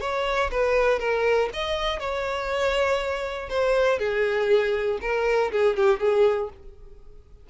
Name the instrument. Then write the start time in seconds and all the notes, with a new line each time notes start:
violin
0.00 C#5
0.51 B4
0.99 A#4
1.53 D#5
1.99 C#5
3.49 C5
3.98 G#4
5.01 A#4
5.51 G#4
5.76 G4
5.99 G#4